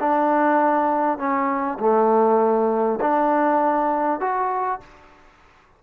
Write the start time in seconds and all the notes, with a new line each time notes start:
0.00 D4
1.19 C#4
1.80 A3
3.01 D4
4.21 F#4